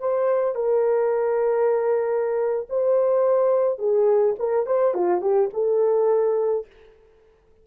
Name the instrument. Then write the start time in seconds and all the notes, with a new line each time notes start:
horn
0.00 C5
0.56 A#4
2.70 C5
3.79 G#4
4.39 A#4
4.66 C5
4.95 F4
5.22 G4
5.54 A4